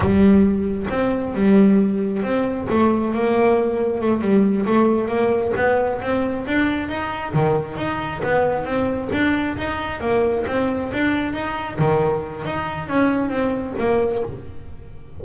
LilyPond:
\new Staff \with { instrumentName = "double bass" } { \time 4/4 \tempo 4 = 135 g2 c'4 g4~ | g4 c'4 a4 ais4~ | ais4 a8 g4 a4 ais8~ | ais8 b4 c'4 d'4 dis'8~ |
dis'8 dis4 dis'4 b4 c'8~ | c'8 d'4 dis'4 ais4 c'8~ | c'8 d'4 dis'4 dis4. | dis'4 cis'4 c'4 ais4 | }